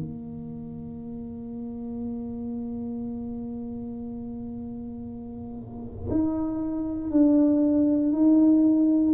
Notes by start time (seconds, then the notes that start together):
0.00 A#3
6.10 D#4
7.11 D4
8.13 D#4